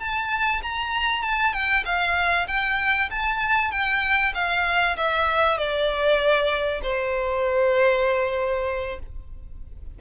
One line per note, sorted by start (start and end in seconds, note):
0.00 0.62 A5
0.63 1.23 A#5
1.23 1.53 A5
1.53 1.84 G5
1.85 2.47 F5
2.48 3.10 G5
3.11 3.71 A5
3.71 4.33 G5
4.35 4.97 F5
4.97 5.58 E5
5.58 6.82 D5
6.83 8.99 C5